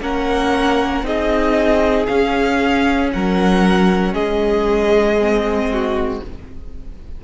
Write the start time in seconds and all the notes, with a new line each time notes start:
0.00 A#3 C#4 A#4 F#5
1.02 C4 D#4 G#4 D#5
2.06 C#4 F5
3.12 F#3 A#4 F#5
4.13 G#3 G#4 D#5
5.18 C4
5.72 F#4